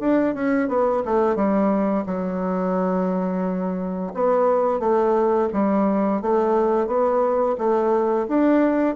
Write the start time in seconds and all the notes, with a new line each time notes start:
0.00 D4
0.34 C#4
0.68 B3
1.05 A3
1.35 G3
2.06 F#3
4.14 B3
4.79 A3
5.53 G3
6.21 A3
6.87 B3
7.58 A3
8.28 D4